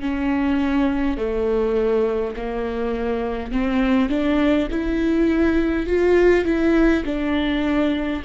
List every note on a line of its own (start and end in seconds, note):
0.00 1.17 C#4
1.17 2.34 A3
2.35 3.51 A#3
3.51 4.09 C4
4.09 4.67 D4
4.70 5.86 E4
5.86 6.44 F4
6.44 7.03 E4
7.05 8.22 D4